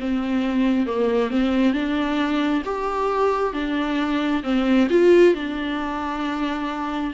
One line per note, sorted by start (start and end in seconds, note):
0.00 0.87 C4
0.87 1.30 A#3
1.30 1.73 C4
1.73 2.63 D4
2.65 3.53 G4
3.53 4.43 D4
4.43 4.88 C4
4.90 5.34 F4
5.34 7.14 D4